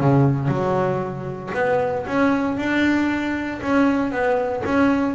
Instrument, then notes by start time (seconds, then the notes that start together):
double bass
0.00 C#3
0.48 F#3
1.54 B3
2.07 C#4
2.57 D4
3.62 C#4
4.12 B3
4.65 C#4